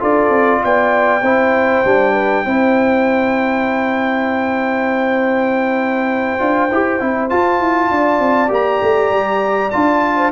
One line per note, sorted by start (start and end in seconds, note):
0.00 0.29 D4
0.00 1.21 F4
0.00 0.61 A4
0.00 0.64 D5
0.29 0.60 C4
0.63 1.22 B3
0.63 1.23 D5
0.63 7.30 G5
1.22 1.83 C4
1.22 1.85 E4
1.22 2.13 C5
1.85 2.46 G3
1.85 2.45 D4
2.13 2.44 B4
2.45 6.40 C4
2.45 6.39 E4
2.45 7.90 C5
6.39 6.71 D4
6.39 6.69 F4
6.71 7.01 E4
6.71 7.00 G4
7.00 7.31 C4
7.00 7.30 E4
7.30 8.48 F4
7.30 7.60 F4
7.30 8.51 A5
7.60 7.90 E4
7.91 8.19 D4
7.91 10.16 D5
8.19 8.50 C4
8.48 8.81 A#3
8.48 9.70 G4
8.48 9.71 A#5
8.82 9.11 A3
9.11 9.72 G3
9.71 10.32 D4
9.71 10.32 F4
9.71 10.31 A5
10.16 10.31 C5